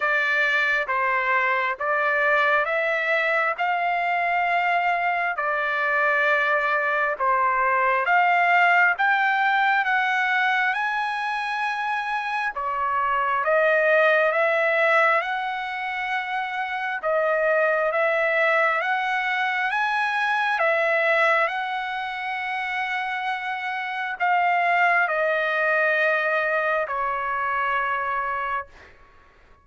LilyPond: \new Staff \with { instrumentName = "trumpet" } { \time 4/4 \tempo 4 = 67 d''4 c''4 d''4 e''4 | f''2 d''2 | c''4 f''4 g''4 fis''4 | gis''2 cis''4 dis''4 |
e''4 fis''2 dis''4 | e''4 fis''4 gis''4 e''4 | fis''2. f''4 | dis''2 cis''2 | }